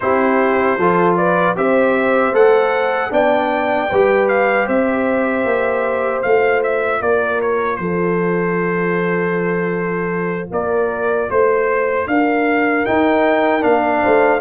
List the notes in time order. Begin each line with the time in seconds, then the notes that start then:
0.00 C4 E4 G4 C5
0.77 F3 F4 A4
1.17 B4 D5
1.55 C4 G4 C5 E5
2.33 A3 A4 F#5
3.10 B3 D4 D5 G5
3.89 G3 G4 B4
4.28 F5
4.66 C4 C5 E5
5.44 A#3
6.22 A3 F4 F5
6.63 E5
7.00 A#3 A#4 D5
7.41 C#5
7.75 F3 A4 C5
10.51 A#3 A#4 D5
11.29 A3 C5
12.07 D4 A#4 F5
12.85 D#4 G5
13.61 A#3 D4 F5
14.01 A3 C5